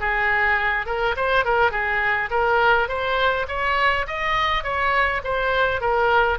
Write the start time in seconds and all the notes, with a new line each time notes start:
0.00 G#4
0.86 A#4
1.16 C5
1.45 A#4
1.71 G#4
2.30 A#4
2.88 C5
3.48 C#5
4.07 D#5
4.63 C#5
5.24 C5
5.81 A#4